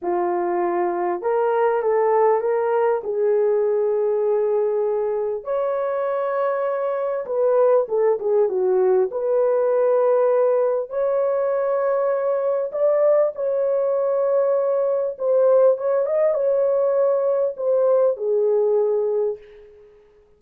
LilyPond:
\new Staff \with { instrumentName = "horn" } { \time 4/4 \tempo 4 = 99 f'2 ais'4 a'4 | ais'4 gis'2.~ | gis'4 cis''2. | b'4 a'8 gis'8 fis'4 b'4~ |
b'2 cis''2~ | cis''4 d''4 cis''2~ | cis''4 c''4 cis''8 dis''8 cis''4~ | cis''4 c''4 gis'2 | }